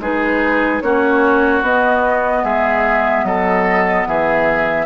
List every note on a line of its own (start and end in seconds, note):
0.00 0.81 G#3
0.00 0.83 D#4
0.00 0.83 G#4
0.00 0.81 B4
0.81 1.62 A#3
0.81 1.63 C#4
0.81 2.44 F#4
0.81 1.62 C#5
1.62 2.43 B3
1.62 4.86 B3
1.62 2.45 D#5
2.44 3.24 G#3
2.44 3.25 G#4
2.44 3.25 E5
3.24 4.05 F#3
3.24 4.08 A4
3.24 4.06 D#5
4.07 4.86 E3
4.07 4.86 G#4
4.07 4.86 E5